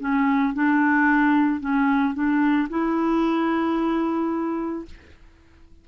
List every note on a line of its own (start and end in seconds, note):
0.00 0.54 C#4
0.54 1.60 D4
1.60 2.14 C#4
2.14 2.68 D4
2.70 4.86 E4